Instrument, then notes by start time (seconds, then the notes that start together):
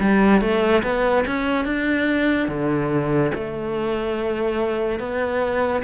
cello
0.00 G3
0.41 A3
0.83 B3
1.27 C#4
1.65 D4
2.48 D3
3.35 A3
5.00 B3